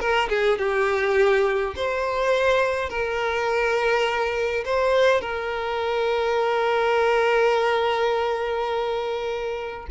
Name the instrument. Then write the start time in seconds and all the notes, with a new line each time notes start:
violin
0.00 A#4
0.29 G#4
0.58 G4
1.76 C5
2.90 A#4
4.65 C5
5.21 A#4